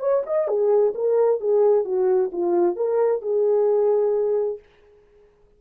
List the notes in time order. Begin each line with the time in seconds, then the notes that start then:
0.00 C#5
0.26 D#5
0.48 G#4
0.95 A#4
1.40 G#4
1.85 F#4
2.32 F4
2.76 A#4
3.22 G#4